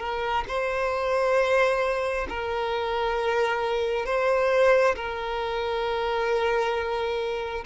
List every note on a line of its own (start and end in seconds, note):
0.00 0.45 A#4
0.49 2.28 C5
2.30 4.06 A#4
4.06 4.95 C5
4.96 7.65 A#4